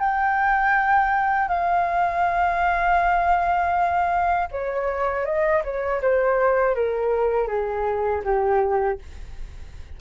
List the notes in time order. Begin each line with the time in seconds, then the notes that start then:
0.00 G5
1.49 F5
4.52 C#5
5.25 D#5
5.64 C#5
6.02 C5
6.76 A#4
7.48 G#4
8.24 G4